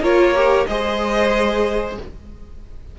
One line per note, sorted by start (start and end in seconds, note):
0.00 0.65 A#3
0.00 0.34 F4
0.00 0.66 A#4
0.00 0.66 C#5
0.34 0.67 G4
0.66 1.97 G#3
0.66 1.99 G#4
0.66 1.98 C5
0.66 1.95 D#5